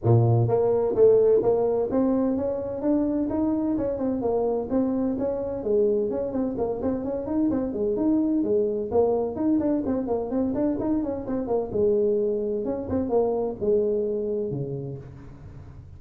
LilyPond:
\new Staff \with { instrumentName = "tuba" } { \time 4/4 \tempo 4 = 128 ais,4 ais4 a4 ais4 | c'4 cis'4 d'4 dis'4 | cis'8 c'8 ais4 c'4 cis'4 | gis4 cis'8 c'8 ais8 c'8 cis'8 dis'8 |
c'8 gis8 dis'4 gis4 ais4 | dis'8 d'8 c'8 ais8 c'8 d'8 dis'8 cis'8 | c'8 ais8 gis2 cis'8 c'8 | ais4 gis2 cis4 | }